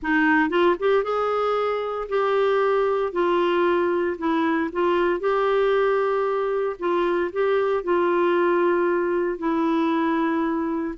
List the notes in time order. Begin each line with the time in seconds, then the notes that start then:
0.02 D#4
0.49 F4
0.79 G4
1.03 G#4
2.08 G4
3.12 F4
4.18 E4
4.72 F4
5.19 G4
6.79 F4
7.32 G4
7.83 F4
9.38 E4